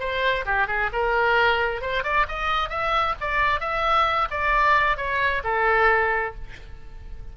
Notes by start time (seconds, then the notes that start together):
0.00 C5
0.46 G4
0.68 G#4
0.93 A#4
1.82 C5
2.04 D5
2.29 D#5
2.70 E5
3.21 D5
3.61 E5
4.31 D5
4.98 C#5
5.44 A4